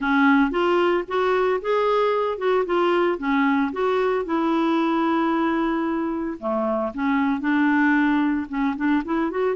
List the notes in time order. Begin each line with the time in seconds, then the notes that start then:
0.00 C#4
0.50 F4
1.07 F#4
1.61 G#4
2.38 F#4
2.65 F4
3.18 C#4
3.72 F#4
4.25 E4
6.39 A3
6.94 C#4
7.40 D4
8.49 C#4
8.76 D4
9.04 E4
9.30 F#4